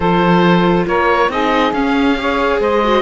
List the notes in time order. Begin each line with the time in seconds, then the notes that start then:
0.00 F3 F4 A4 C5
0.87 A#3 A#4 C#5
1.29 C4 D#4 G#4 D#5
1.72 C#4 F5
2.17 G#4 C#5
2.59 G#3 C5 D#5
2.83 F#4